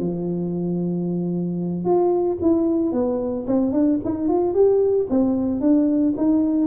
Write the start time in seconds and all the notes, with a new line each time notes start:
0.00 F3
1.85 F4
2.42 E4
2.93 B3
3.48 C4
3.73 D4
4.05 D#4
4.29 F4
4.54 G4
5.10 C4
5.61 D4
6.18 D#4